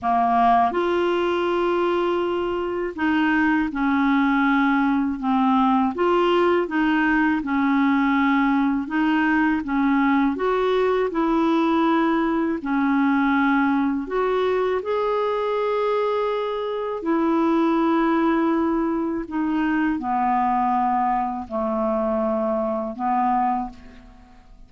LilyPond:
\new Staff \with { instrumentName = "clarinet" } { \time 4/4 \tempo 4 = 81 ais4 f'2. | dis'4 cis'2 c'4 | f'4 dis'4 cis'2 | dis'4 cis'4 fis'4 e'4~ |
e'4 cis'2 fis'4 | gis'2. e'4~ | e'2 dis'4 b4~ | b4 a2 b4 | }